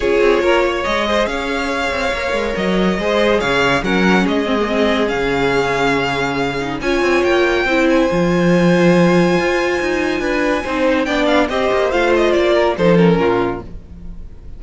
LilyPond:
<<
  \new Staff \with { instrumentName = "violin" } { \time 4/4 \tempo 4 = 141 cis''2 dis''4 f''4~ | f''2 dis''2 | f''4 fis''4 dis''2 | f''1 |
gis''4 g''4. gis''4.~ | gis''1~ | gis''2 g''8 f''8 dis''4 | f''8 dis''8 d''4 c''8 ais'4. | }
  \new Staff \with { instrumentName = "violin" } { \time 4/4 gis'4 ais'8 cis''4 c''8 cis''4~ | cis''2. c''4 | cis''4 ais'4 gis'2~ | gis'1 |
cis''2 c''2~ | c''1 | b'4 c''4 d''4 c''4~ | c''4. ais'8 a'4 f'4 | }
  \new Staff \with { instrumentName = "viola" } { \time 4/4 f'2 gis'2~ | gis'4 ais'2 gis'4~ | gis'4 cis'4. c'16 ais16 c'4 | cis'2.~ cis'8 dis'8 |
f'2 e'4 f'4~ | f'1~ | f'4 dis'4 d'4 g'4 | f'2 dis'8 cis'4. | }
  \new Staff \with { instrumentName = "cello" } { \time 4/4 cis'8 c'8 ais4 gis4 cis'4~ | cis'8 c'8 ais8 gis8 fis4 gis4 | cis4 fis4 gis2 | cis1 |
cis'8 c'8 ais4 c'4 f4~ | f2 f'4 dis'4 | d'4 c'4 b4 c'8 ais8 | a4 ais4 f4 ais,4 | }
>>